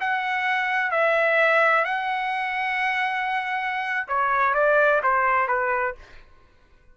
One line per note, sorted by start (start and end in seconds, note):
0.00 0.91 F#5
0.91 1.85 E5
1.85 4.07 F#5
4.08 4.54 C#5
4.54 5.01 D5
5.03 5.48 C5
5.48 5.95 B4